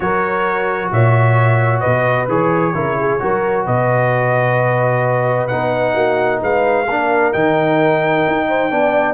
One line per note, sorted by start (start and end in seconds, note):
0.00 0.91 F#3
0.00 2.28 F#4
0.00 0.92 A#4
0.00 0.91 C#5
0.91 1.83 A#2
0.91 1.80 C#5
0.91 1.80 E5
1.80 2.28 B2
1.80 2.72 B4
1.80 2.25 D#5
2.28 2.73 E3
2.28 2.74 G#4
2.28 3.66 C#5
2.74 3.20 C#3
2.74 3.19 E4
2.74 2.97 A#4
2.99 3.21 G#4
3.19 3.66 F#3
3.19 5.48 F#4
3.19 3.65 A#4
3.65 5.49 B2
3.65 5.94 B4
3.65 5.47 D#5
5.47 5.95 B3
5.47 6.86 D#4
5.47 6.39 F#5
5.94 6.41 A#3
5.94 6.40 F#4
6.42 6.86 G#3
6.42 6.86 B4
6.42 7.32 F5
6.86 7.32 A#3
6.86 7.32 D4
6.86 8.46 A#4
7.32 8.26 D#3
7.32 8.70 D#4
7.32 9.14 G5
8.27 8.71 D#4
8.48 8.71 C5
8.70 9.14 B3
8.70 9.14 D4
8.70 9.14 D5